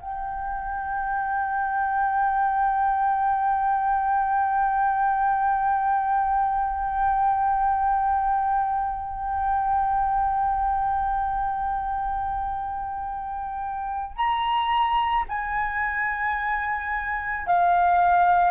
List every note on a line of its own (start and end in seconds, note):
0.00 14.16 G5
14.16 15.25 A#5
15.29 17.46 G#5
17.46 18.51 F5